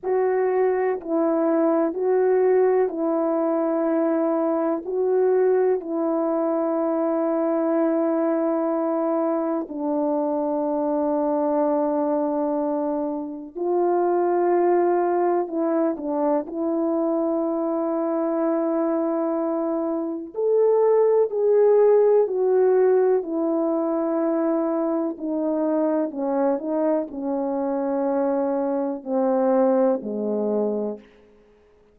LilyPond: \new Staff \with { instrumentName = "horn" } { \time 4/4 \tempo 4 = 62 fis'4 e'4 fis'4 e'4~ | e'4 fis'4 e'2~ | e'2 d'2~ | d'2 f'2 |
e'8 d'8 e'2.~ | e'4 a'4 gis'4 fis'4 | e'2 dis'4 cis'8 dis'8 | cis'2 c'4 gis4 | }